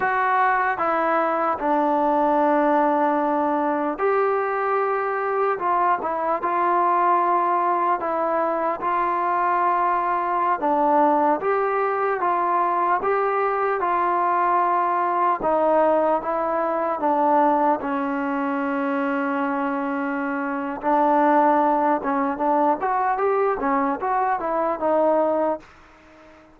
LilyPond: \new Staff \with { instrumentName = "trombone" } { \time 4/4 \tempo 4 = 75 fis'4 e'4 d'2~ | d'4 g'2 f'8 e'8 | f'2 e'4 f'4~ | f'4~ f'16 d'4 g'4 f'8.~ |
f'16 g'4 f'2 dis'8.~ | dis'16 e'4 d'4 cis'4.~ cis'16~ | cis'2 d'4. cis'8 | d'8 fis'8 g'8 cis'8 fis'8 e'8 dis'4 | }